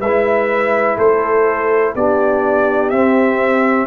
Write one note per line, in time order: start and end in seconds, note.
0.00 0.97 G#3
0.00 0.97 B4
0.00 0.97 E5
0.07 1.97 E4
0.98 1.94 A3
0.98 1.95 A4
0.98 1.95 C5
1.96 2.92 B3
1.96 2.93 D4
1.96 3.87 G4
1.96 2.90 D5
2.90 3.87 C4
2.90 3.87 E5